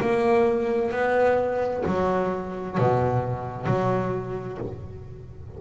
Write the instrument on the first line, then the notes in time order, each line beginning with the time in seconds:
double bass
0.00 A#3
0.91 B3
1.85 F#3
2.78 B2
3.65 F#3